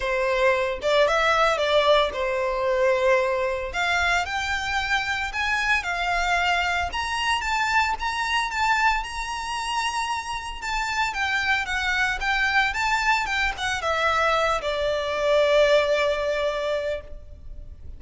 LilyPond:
\new Staff \with { instrumentName = "violin" } { \time 4/4 \tempo 4 = 113 c''4. d''8 e''4 d''4 | c''2. f''4 | g''2 gis''4 f''4~ | f''4 ais''4 a''4 ais''4 |
a''4 ais''2. | a''4 g''4 fis''4 g''4 | a''4 g''8 fis''8 e''4. d''8~ | d''1 | }